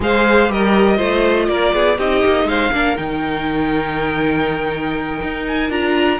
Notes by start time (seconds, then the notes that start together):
0.00 G#3 G#4 C5 F5
0.48 G3 G4 A#4 D#5
0.96 A3 F4 C5
1.48 A#3 A#4 D5
1.73 B3 G#4
1.97 C4 D#4 G4 D#5
2.24 A#3
2.44 G#3 C5 F5
2.72 A#3 D4 A#4
2.97 D#3 D#4 G5
5.22 D#4
5.47 G#5
5.69 D4 F4 A#5